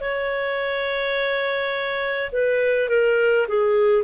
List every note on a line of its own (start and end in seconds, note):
0.00 2.31 C#5
2.32 2.89 B4
2.89 3.47 A#4
3.48 4.03 G#4